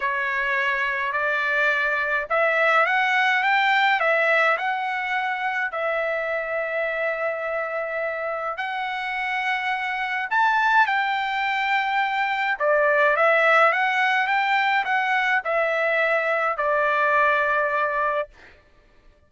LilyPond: \new Staff \with { instrumentName = "trumpet" } { \time 4/4 \tempo 4 = 105 cis''2 d''2 | e''4 fis''4 g''4 e''4 | fis''2 e''2~ | e''2. fis''4~ |
fis''2 a''4 g''4~ | g''2 d''4 e''4 | fis''4 g''4 fis''4 e''4~ | e''4 d''2. | }